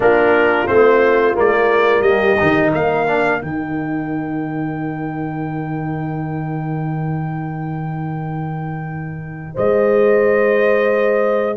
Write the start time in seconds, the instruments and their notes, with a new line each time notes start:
0.00 tuba A#3, trombone D4, horn F4, trumpet A#4
0.66 tuba A3, trombone C4, trumpet C5
1.34 tuba G#3, trombone A#3, trumpet D5
2.01 tuba G3, horn G4, trumpet D#5
2.39 tuba D#3, trombone D#4
2.71 tuba A#3, horn A#4, trumpet F5
3.07 trombone D4
3.39 tuba D#3, trombone D#4, trumpet G5
9.54 tuba G#3, horn C5, trumpet D#5